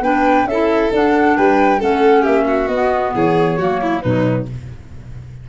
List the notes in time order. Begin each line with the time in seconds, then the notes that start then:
0.00 B3 D4 B4 G5
0.44 C#4 A4 E5
0.51 E4
0.92 D4 F#5
1.36 G3 B4 G5
1.79 A3 C#4 A4 F#5
2.22 A#3 G4 E5
2.47 F#4
2.68 B3 D#5
3.14 E3 G#4 C#5
3.58 F#3 A#3 F#4
3.81 E4
4.01 B2 F#3 D#4 B4